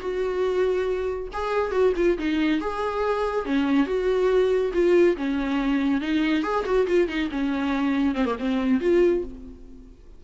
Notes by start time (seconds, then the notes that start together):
0.00 F#4
1.33 G#4
1.72 F#4
1.96 F4
2.19 D#4
2.61 G#4
3.46 C#4
3.86 F#4
4.74 F4
5.17 C#4
6.01 D#4
6.43 G#4
6.65 F#4
6.87 F4
7.08 D#4
7.31 C#4
8.15 C4
8.26 A#3
8.39 C4
8.81 F4